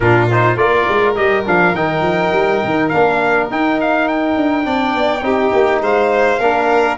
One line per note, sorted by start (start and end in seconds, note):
0.00 0.56 A#2
0.00 0.30 D4
0.00 0.59 F4
0.00 0.29 A#4
0.31 0.57 D#4
0.31 0.56 C5
0.56 0.85 A#3
0.56 1.15 F4
0.56 4.65 A#4
0.56 1.15 D5
0.88 1.16 G#3
1.15 1.46 G3
1.15 1.45 G4
1.15 1.44 D#5
1.45 1.74 F3
1.45 1.74 D4
1.45 1.75 F5
1.74 2.01 D#3
1.74 2.92 D#4
1.74 2.88 G5
2.01 2.30 F3
2.32 2.61 G3
2.64 2.93 D#3
2.88 3.50 A#3
2.88 3.50 D4
2.88 3.46 F5
3.50 4.36 D#4
3.50 4.63 D#4
3.50 3.80 G5
3.80 4.08 F5
4.08 5.82 G5
4.36 4.65 D4
4.63 4.94 C4
4.63 5.21 D4
4.63 5.24 D5
4.94 5.22 B3
5.22 5.51 C4
5.22 6.39 D#4
5.22 5.82 G4
5.53 5.81 A#3
5.81 6.39 G#3
5.81 6.39 C5
5.81 6.97 F5
6.39 6.97 A#3
6.39 6.97 D4
6.39 6.97 A#4